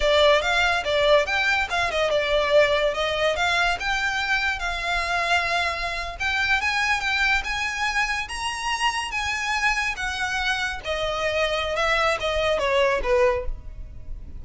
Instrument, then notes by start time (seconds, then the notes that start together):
violin
0.00 D5
0.41 F5
0.84 D5
1.25 G5
1.69 F5
1.90 D#5
2.10 D5
2.94 D#5
3.36 F5
3.79 G5
4.59 F5
6.19 G5
6.61 G#5
7.00 G5
7.44 G#5
8.28 A#5
9.11 G#5
9.96 F#5
10.84 D#5
11.75 E5
12.20 D#5
12.58 C#5
13.03 B4